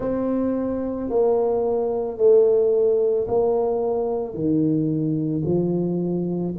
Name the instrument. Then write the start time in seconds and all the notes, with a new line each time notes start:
tuba
0.00 C4
1.09 A#3
2.17 A3
3.27 A#3
4.33 D#3
5.44 F3